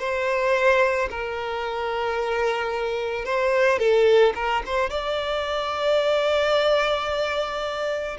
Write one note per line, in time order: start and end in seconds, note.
0.00 1.09 C5
1.11 3.26 A#4
3.26 3.79 C5
3.79 4.33 A4
4.36 4.63 A#4
4.66 4.90 C5
4.90 8.18 D5